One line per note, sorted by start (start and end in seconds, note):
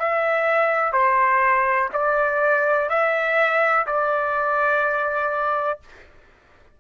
0.00 0.93 E5
0.93 1.90 C5
1.94 2.89 D5
2.89 3.86 E5
3.87 5.80 D5